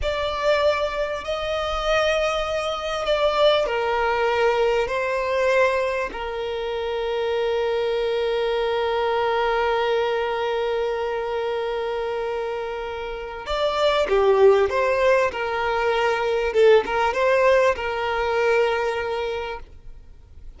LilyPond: \new Staff \with { instrumentName = "violin" } { \time 4/4 \tempo 4 = 98 d''2 dis''2~ | dis''4 d''4 ais'2 | c''2 ais'2~ | ais'1~ |
ais'1~ | ais'2 d''4 g'4 | c''4 ais'2 a'8 ais'8 | c''4 ais'2. | }